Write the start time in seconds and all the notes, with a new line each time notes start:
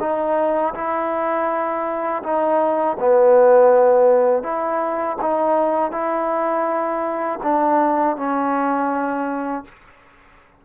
0.00 D#4
0.74 E4
2.23 D#4
2.99 B3
4.43 E4
5.22 D#4
5.92 E4
7.43 D4
8.17 C#4